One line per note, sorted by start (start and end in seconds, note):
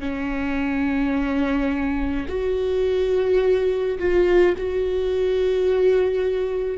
0.00 2.26 C#4
2.29 3.99 F#4
3.99 4.55 F4
4.57 6.78 F#4